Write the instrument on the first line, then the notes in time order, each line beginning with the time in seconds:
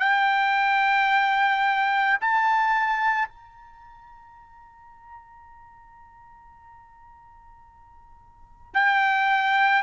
trumpet
0.00 G5
2.21 A5
3.29 A#5
8.74 G5